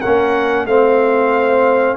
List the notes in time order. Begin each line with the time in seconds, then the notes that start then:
0.00 C#4 A#4 F#5
0.06 A#3
0.65 A3 C4 C5 F5